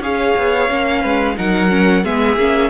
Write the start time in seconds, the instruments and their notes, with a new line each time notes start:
0.00 cello C#4, viola G#4, violin C#5 F5
0.37 cello B3
0.69 cello A#3, viola C#4
1.02 cello G#3, violin B4
1.37 cello F#3, viola D#4, violin A#4 F#5
1.70 viola C#4
2.04 cello G#3, viola B3, violin G#4 E5
2.37 cello A#3, viola C#4